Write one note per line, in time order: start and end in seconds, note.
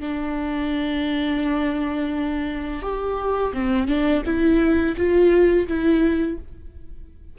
0.00 2.82 D4
2.82 3.53 G4
3.53 3.88 C4
3.88 4.23 D4
4.25 4.96 E4
4.97 5.67 F4
5.68 6.38 E4